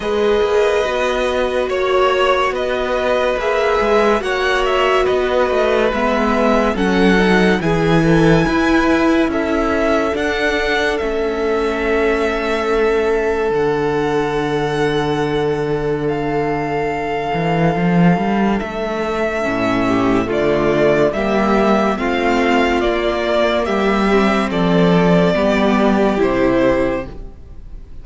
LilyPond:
<<
  \new Staff \with { instrumentName = "violin" } { \time 4/4 \tempo 4 = 71 dis''2 cis''4 dis''4 | e''4 fis''8 e''8 dis''4 e''4 | fis''4 gis''2 e''4 | fis''4 e''2. |
fis''2. f''4~ | f''2 e''2 | d''4 e''4 f''4 d''4 | e''4 d''2 c''4 | }
  \new Staff \with { instrumentName = "violin" } { \time 4/4 b'2 cis''4 b'4~ | b'4 cis''4 b'2 | a'4 gis'8 a'8 b'4 a'4~ | a'1~ |
a'1~ | a'2.~ a'8 g'8 | f'4 g'4 f'2 | g'4 a'4 g'2 | }
  \new Staff \with { instrumentName = "viola" } { \time 4/4 gis'4 fis'2. | gis'4 fis'2 b4 | cis'8 dis'8 e'2. | d'4 cis'2. |
d'1~ | d'2. cis'4 | a4 ais4 c'4 ais4~ | ais8 c'4. b4 e'4 | }
  \new Staff \with { instrumentName = "cello" } { \time 4/4 gis8 ais8 b4 ais4 b4 | ais8 gis8 ais4 b8 a8 gis4 | fis4 e4 e'4 cis'4 | d'4 a2. |
d1~ | d8 e8 f8 g8 a4 a,4 | d4 g4 a4 ais4 | g4 f4 g4 c4 | }
>>